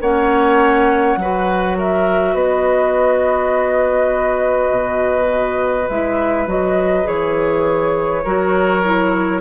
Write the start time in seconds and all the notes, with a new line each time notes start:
0.00 A#3 C#4 C#5 F#5
1.16 F#3 F#4 B4
1.77 A#4 E5
2.34 B3 B4 D#5
4.70 B2
5.88 G#3 E4 E5
6.47 F#3 F#4 D#5
7.04 E3 G#4 C#5
8.24 F#3 F#4 A#4
8.84 E4